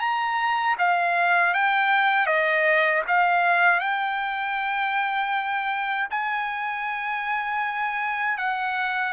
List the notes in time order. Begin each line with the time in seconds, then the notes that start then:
0.00 A#5
0.78 F5
1.54 G5
2.26 D#5
3.08 F5
3.80 G5
6.11 G#5
8.38 F#5